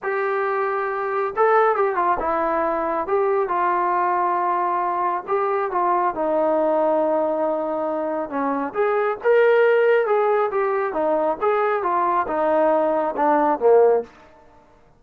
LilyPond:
\new Staff \with { instrumentName = "trombone" } { \time 4/4 \tempo 4 = 137 g'2. a'4 | g'8 f'8 e'2 g'4 | f'1 | g'4 f'4 dis'2~ |
dis'2. cis'4 | gis'4 ais'2 gis'4 | g'4 dis'4 gis'4 f'4 | dis'2 d'4 ais4 | }